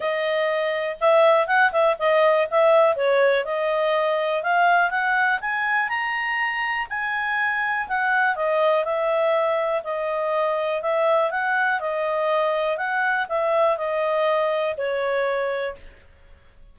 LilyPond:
\new Staff \with { instrumentName = "clarinet" } { \time 4/4 \tempo 4 = 122 dis''2 e''4 fis''8 e''8 | dis''4 e''4 cis''4 dis''4~ | dis''4 f''4 fis''4 gis''4 | ais''2 gis''2 |
fis''4 dis''4 e''2 | dis''2 e''4 fis''4 | dis''2 fis''4 e''4 | dis''2 cis''2 | }